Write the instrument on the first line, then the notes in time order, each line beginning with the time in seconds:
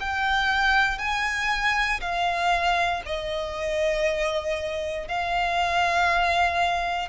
violin
0.00 G5
0.98 G#5
2.01 F5
3.06 D#5
5.08 F5